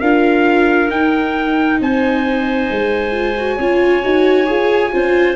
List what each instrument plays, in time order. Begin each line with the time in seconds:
0.00 tuba D4, viola F4, clarinet A#4, trumpet F5
0.89 viola D#4, tuba D#4, trumpet G5
1.80 tuba C4, clarinet C5, trumpet G#5
2.71 tuba G#3
3.12 viola F4
3.37 viola F#4
3.57 tuba C#4, viola F4, clarinet C#5
4.03 tuba D#4, viola F#4
4.47 tuba F4, viola G#4
4.92 tuba C#4, viola F4, clarinet C5